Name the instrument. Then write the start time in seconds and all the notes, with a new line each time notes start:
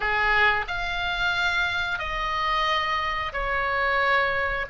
oboe
0.00 G#4
0.67 F5
1.98 D#5
3.32 C#5